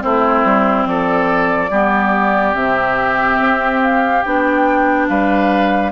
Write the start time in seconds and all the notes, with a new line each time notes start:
0.00 A3 C4 E4 C5
0.45 G3
0.86 F3 A4 D5
1.71 G3 B3 G4
2.55 C3 C4 E5
3.39 C4
3.83 F5
4.23 B3 D4 G5
5.09 G3 B4 F5